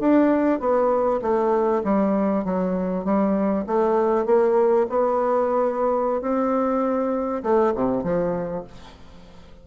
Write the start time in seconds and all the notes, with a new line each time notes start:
0.00 D4
0.60 B3
1.22 A3
1.84 G3
2.45 F#3
3.05 G3
3.67 A3
4.26 A#3
4.90 B3
6.21 C4
7.43 A3
7.75 C3
8.04 F3